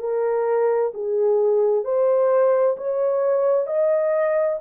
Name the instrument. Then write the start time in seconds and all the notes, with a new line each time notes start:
horn
0.00 A#4
0.94 G#4
1.85 C5
2.77 C#5
3.67 D#5